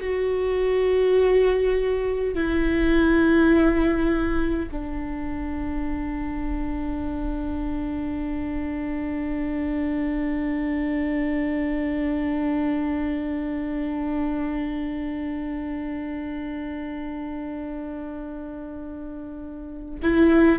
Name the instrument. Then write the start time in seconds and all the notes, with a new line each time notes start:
viola
0.00 F#4
2.34 E4
4.71 D4
20.02 E4